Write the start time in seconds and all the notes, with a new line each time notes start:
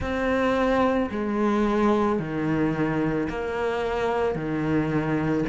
0.00 C4
1.11 G#3
2.19 D#3
3.29 A#3
4.35 D#3